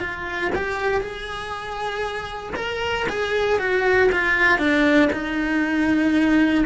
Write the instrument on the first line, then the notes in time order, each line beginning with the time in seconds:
cello
0.00 F4
0.55 G4
1.01 G#4
2.56 A#4
3.09 G#4
3.59 F#4
4.12 F4
4.59 D4
5.12 D#4